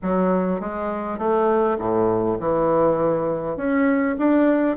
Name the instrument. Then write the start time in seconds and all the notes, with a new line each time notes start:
bassoon
0.02 F#3
0.60 G#3
1.18 A3
1.78 A2
2.39 E3
3.56 C#4
4.18 D4